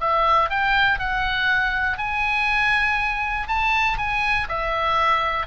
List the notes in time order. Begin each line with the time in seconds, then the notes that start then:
0.00 E5
0.50 G5
0.99 F#5
1.98 G#5
3.47 A5
3.98 G#5
4.48 E5